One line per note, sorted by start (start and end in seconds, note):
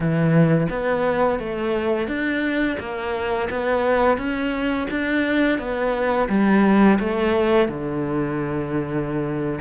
0.00 0.67 E3
0.69 1.39 B3
1.39 2.07 A3
2.07 2.77 D4
2.79 3.49 A#3
3.50 4.17 B3
4.17 4.87 C#4
4.90 5.58 D4
5.58 6.28 B3
6.29 6.98 G3
6.99 7.68 A3
7.68 9.60 D3